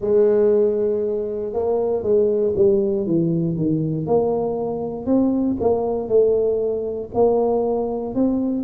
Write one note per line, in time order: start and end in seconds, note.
0.00 1.53 G#3
1.53 2.02 A#3
2.02 2.53 G#3
2.55 3.06 G3
3.06 3.56 E3
3.56 4.06 D#3
4.06 5.06 A#3
5.06 5.57 C4
5.60 6.08 A#3
6.08 7.10 A3
7.14 8.14 A#3
8.14 8.63 C4